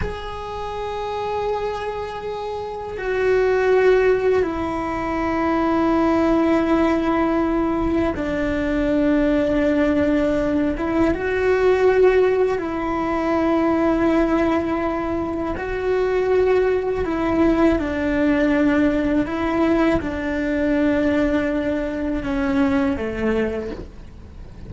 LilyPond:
\new Staff \with { instrumentName = "cello" } { \time 4/4 \tempo 4 = 81 gis'1 | fis'2 e'2~ | e'2. d'4~ | d'2~ d'8 e'8 fis'4~ |
fis'4 e'2.~ | e'4 fis'2 e'4 | d'2 e'4 d'4~ | d'2 cis'4 a4 | }